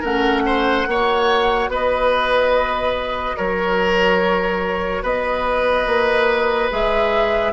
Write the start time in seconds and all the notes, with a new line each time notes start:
0.00 A3 C#4 A#4 F#5
0.46 C5
0.87 A#3 F#4 C#5
1.68 B3 B4 D#5
3.37 F#3 A#4 C#5
5.03 B3 B4 D#5
5.86 A#3
6.70 G#3 G#4 E5